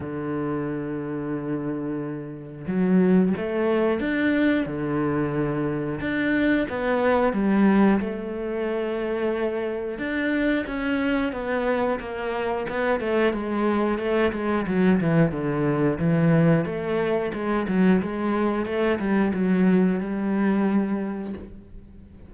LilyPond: \new Staff \with { instrumentName = "cello" } { \time 4/4 \tempo 4 = 90 d1 | fis4 a4 d'4 d4~ | d4 d'4 b4 g4 | a2. d'4 |
cis'4 b4 ais4 b8 a8 | gis4 a8 gis8 fis8 e8 d4 | e4 a4 gis8 fis8 gis4 | a8 g8 fis4 g2 | }